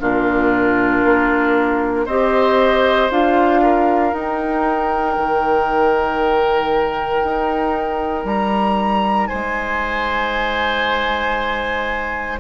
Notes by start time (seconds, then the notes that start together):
0.00 A#2 D4 F4 A#4
1.05 A#3
2.06 C4 G4 C5 D#5
3.10 D4 F4 F5
3.62 A#4
4.13 D#4 G5
5.17 D#3
7.23 D#4
8.25 G3 A#5
9.27 C5 G#5
9.34 G#3